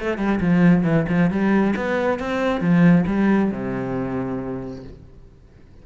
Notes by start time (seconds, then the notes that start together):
0.00 A3
0.18 G3
0.41 F3
0.85 E3
1.09 F3
1.31 G3
1.76 B3
2.20 C4
2.61 F3
3.07 G3
3.52 C3